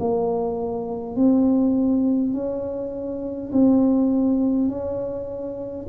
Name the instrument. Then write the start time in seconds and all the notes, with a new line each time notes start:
tuba
0.00 A#3
1.17 C4
2.34 C#4
3.52 C4
4.69 C#4